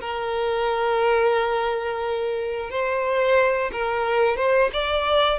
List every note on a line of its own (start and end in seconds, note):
0.00 2.70 A#4
2.70 3.71 C5
3.72 4.36 A#4
4.36 4.70 C5
4.73 5.39 D5